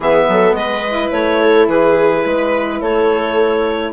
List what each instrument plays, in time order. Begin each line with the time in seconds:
0.00 bassoon E3, saxophone B3, viola G#4, clarinet E5
0.28 bassoon F#3, viola A4
0.52 bassoon G#3, clarinet D#5
0.59 viola B4
0.88 saxophone E4
1.11 bassoon A3, clarinet C#5
1.41 viola A4
1.67 bassoon E3, viola G#4, clarinet B4
2.25 bassoon G#3, viola B4
2.81 bassoon A3, viola A4, clarinet C#5